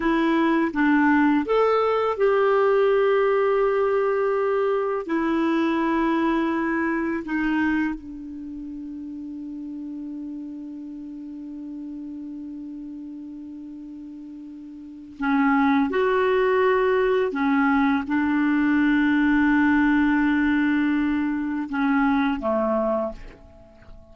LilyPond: \new Staff \with { instrumentName = "clarinet" } { \time 4/4 \tempo 4 = 83 e'4 d'4 a'4 g'4~ | g'2. e'4~ | e'2 dis'4 d'4~ | d'1~ |
d'1~ | d'4 cis'4 fis'2 | cis'4 d'2.~ | d'2 cis'4 a4 | }